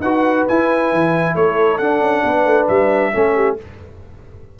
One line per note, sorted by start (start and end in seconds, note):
0.00 0.44 D#4
0.00 0.49 F#4
0.00 1.35 B4
0.00 0.45 F#5
0.48 1.80 E4
0.48 0.93 E4
0.48 1.36 G#5
0.93 1.35 E3
1.35 1.79 A3
1.35 2.24 A4
1.35 1.78 C#5
1.78 2.01 D4
1.78 3.13 D4
1.78 2.67 F#5
2.01 2.23 C#4
2.24 2.45 B3
2.24 3.13 B4
2.45 2.67 A3
2.68 3.14 G3
2.68 3.57 E5
3.13 3.59 A3
3.13 3.57 C#4
3.13 3.35 A4
3.35 3.57 G4